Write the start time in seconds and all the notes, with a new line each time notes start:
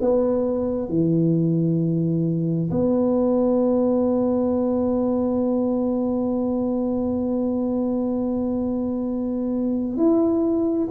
0.00 B3
0.88 E3
2.70 B3
9.97 E4